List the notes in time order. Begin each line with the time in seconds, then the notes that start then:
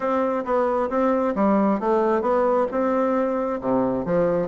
0.00 C4
0.44 B3
0.89 C4
1.35 G3
1.80 A3
2.21 B3
2.71 C4
3.60 C3
4.05 F3